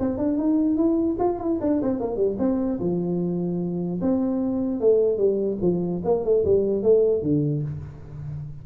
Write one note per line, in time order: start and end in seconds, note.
0.00 0.18 C4
0.18 0.38 D4
0.38 0.77 D#4
0.77 1.17 E4
1.20 1.40 F4
1.40 1.60 E4
1.61 1.82 D4
1.82 2.01 C4
2.01 2.17 A#3
2.17 2.37 G3
2.39 2.79 C4
2.80 4.01 F3
4.02 4.81 C4
4.81 5.18 A3
5.18 5.58 G3
5.62 6.02 F3
6.05 6.25 A#3
6.25 6.45 A3
6.45 6.83 G3
6.83 7.23 A3
7.23 7.63 D3